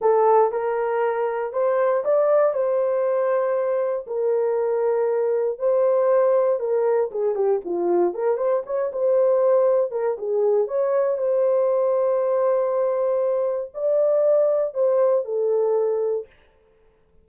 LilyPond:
\new Staff \with { instrumentName = "horn" } { \time 4/4 \tempo 4 = 118 a'4 ais'2 c''4 | d''4 c''2. | ais'2. c''4~ | c''4 ais'4 gis'8 g'8 f'4 |
ais'8 c''8 cis''8 c''2 ais'8 | gis'4 cis''4 c''2~ | c''2. d''4~ | d''4 c''4 a'2 | }